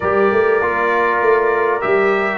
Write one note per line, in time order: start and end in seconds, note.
0.00 0.31 G3
0.00 0.61 G4
0.00 2.38 A#4
0.00 1.81 D5
0.31 0.60 A3
0.60 1.21 A#3
0.60 1.81 F4
1.21 1.82 A3
1.81 2.38 G3
1.81 2.38 G4
1.81 2.38 E5